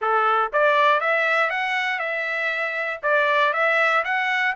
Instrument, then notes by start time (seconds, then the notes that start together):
trumpet
0.01 A4
0.52 D5
1.00 E5
1.50 F#5
1.99 E5
3.03 D5
3.53 E5
4.04 F#5